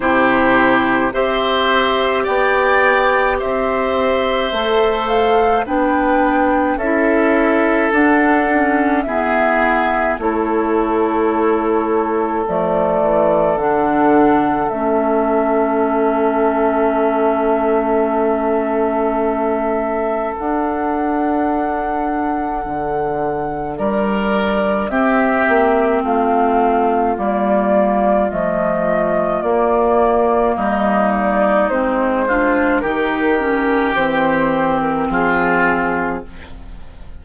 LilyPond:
<<
  \new Staff \with { instrumentName = "flute" } { \time 4/4 \tempo 4 = 53 c''4 e''4 g''4 e''4~ | e''8 f''8 g''4 e''4 fis''4 | e''4 cis''2 d''4 | fis''4 e''2.~ |
e''2 fis''2~ | fis''4 d''4 e''4 f''4 | d''4 dis''4 d''4 dis''8 d''8 | c''4 ais'4 c''8. ais'16 gis'4 | }
  \new Staff \with { instrumentName = "oboe" } { \time 4/4 g'4 c''4 d''4 c''4~ | c''4 b'4 a'2 | gis'4 a'2.~ | a'1~ |
a'1~ | a'4 ais'4 g'4 f'4~ | f'2. dis'4~ | dis'8 f'8 g'2 f'4 | }
  \new Staff \with { instrumentName = "clarinet" } { \time 4/4 e'4 g'2. | a'4 d'4 e'4 d'8 cis'8 | b4 e'2 a4 | d'4 cis'2.~ |
cis'2 d'2~ | d'2 c'2 | ais4 a4 ais2 | c'8 d'8 dis'8 cis'8 c'2 | }
  \new Staff \with { instrumentName = "bassoon" } { \time 4/4 c4 c'4 b4 c'4 | a4 b4 cis'4 d'4 | e'4 a2 f8 e8 | d4 a2.~ |
a2 d'2 | d4 g4 c'8 ais8 a4 | g4 f4 ais4 g4 | gis4 dis4 e4 f4 | }
>>